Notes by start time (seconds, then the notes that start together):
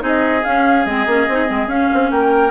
0.00 C4 D#4 G#4
0.07 D#5
0.44 C#4 F5
0.86 G#3 C4 D#5
1.07 A#3 C#4
1.29 C4 D#4
1.47 G#3 C4
1.68 C#4 F5
1.94 C4
2.11 A#3 A#4 G5